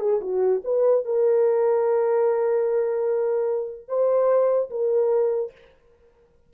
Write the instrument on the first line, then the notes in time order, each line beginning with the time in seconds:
horn
0.00 G#4
0.21 F#4
0.65 B4
1.05 A#4
3.88 C5
4.71 A#4